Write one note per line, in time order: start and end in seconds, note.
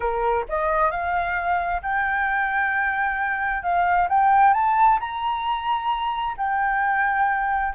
0.00 0.44 A#4
0.48 0.90 D#5
0.90 1.81 F5
1.82 3.62 G5
3.62 4.08 F5
4.08 4.53 G5
4.53 4.99 A5
4.99 6.36 A#5
6.37 7.73 G5